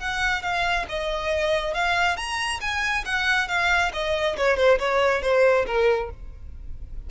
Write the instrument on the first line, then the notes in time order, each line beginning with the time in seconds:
violin
0.00 F#5
0.43 F5
0.89 D#5
1.74 F5
2.17 A#5
2.61 G#5
3.06 F#5
3.48 F5
3.93 D#5
4.37 C#5
4.57 C5
4.79 C#5
5.22 C5
5.67 A#4